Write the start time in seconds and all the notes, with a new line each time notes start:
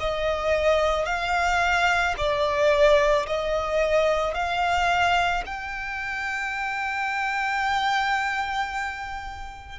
0.00 D#5
1.06 F5
2.18 D5
3.27 D#5
4.34 F5
5.46 G5